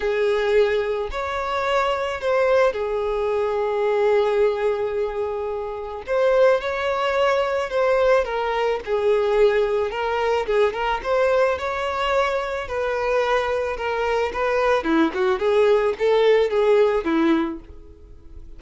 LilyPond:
\new Staff \with { instrumentName = "violin" } { \time 4/4 \tempo 4 = 109 gis'2 cis''2 | c''4 gis'2.~ | gis'2. c''4 | cis''2 c''4 ais'4 |
gis'2 ais'4 gis'8 ais'8 | c''4 cis''2 b'4~ | b'4 ais'4 b'4 e'8 fis'8 | gis'4 a'4 gis'4 e'4 | }